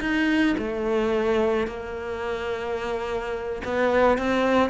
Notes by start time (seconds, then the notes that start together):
0.00 D#4
0.58 A3
1.67 A#3
3.64 B3
4.18 C4